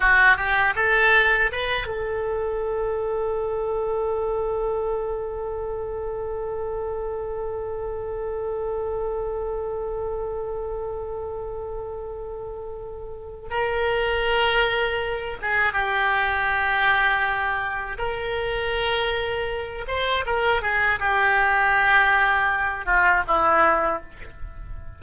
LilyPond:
\new Staff \with { instrumentName = "oboe" } { \time 4/4 \tempo 4 = 80 fis'8 g'8 a'4 b'8 a'4.~ | a'1~ | a'1~ | a'1~ |
a'2 ais'2~ | ais'8 gis'8 g'2. | ais'2~ ais'8 c''8 ais'8 gis'8 | g'2~ g'8 f'8 e'4 | }